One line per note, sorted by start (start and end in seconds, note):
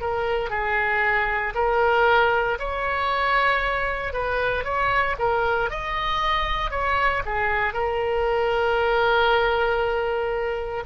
0.00 0.49 A#4
0.49 1.53 G#4
1.54 2.58 A#4
2.59 4.13 C#5
4.13 4.64 B4
4.64 5.15 C#5
5.18 5.70 A#4
5.70 6.71 D#5
6.71 7.22 C#5
7.25 7.73 G#4
7.73 10.83 A#4